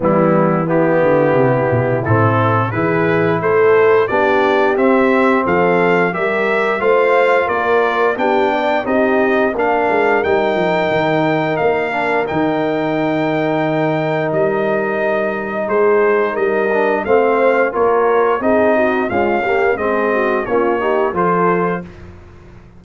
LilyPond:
<<
  \new Staff \with { instrumentName = "trumpet" } { \time 4/4 \tempo 4 = 88 e'4 g'2 a'4 | b'4 c''4 d''4 e''4 | f''4 e''4 f''4 d''4 | g''4 dis''4 f''4 g''4~ |
g''4 f''4 g''2~ | g''4 dis''2 c''4 | dis''4 f''4 cis''4 dis''4 | f''4 dis''4 cis''4 c''4 | }
  \new Staff \with { instrumentName = "horn" } { \time 4/4 b4 e'2. | gis'4 a'4 g'2 | a'4 ais'4 c''4 ais'4 | g'8 d''8 g'4 ais'2~ |
ais'1~ | ais'2. gis'4 | ais'4 c''4 ais'4 gis'8 fis'8 | f'8 g'8 gis'8 fis'8 f'8 g'8 a'4 | }
  \new Staff \with { instrumentName = "trombone" } { \time 4/4 g4 b2 c'4 | e'2 d'4 c'4~ | c'4 g'4 f'2 | d'4 dis'4 d'4 dis'4~ |
dis'4. d'8 dis'2~ | dis'1~ | dis'8 d'8 c'4 f'4 dis'4 | gis8 ais8 c'4 cis'8 dis'8 f'4 | }
  \new Staff \with { instrumentName = "tuba" } { \time 4/4 e4. d8 c8 b,8 a,4 | e4 a4 b4 c'4 | f4 g4 a4 ais4 | b4 c'4 ais8 gis8 g8 f8 |
dis4 ais4 dis2~ | dis4 g2 gis4 | g4 a4 ais4 c'4 | cis'4 gis4 ais4 f4 | }
>>